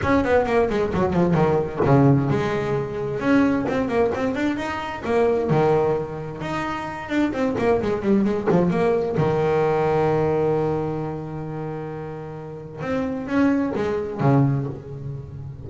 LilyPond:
\new Staff \with { instrumentName = "double bass" } { \time 4/4 \tempo 4 = 131 cis'8 b8 ais8 gis8 fis8 f8 dis4 | cis4 gis2 cis'4 | c'8 ais8 c'8 d'8 dis'4 ais4 | dis2 dis'4. d'8 |
c'8 ais8 gis8 g8 gis8 f8 ais4 | dis1~ | dis1 | c'4 cis'4 gis4 cis4 | }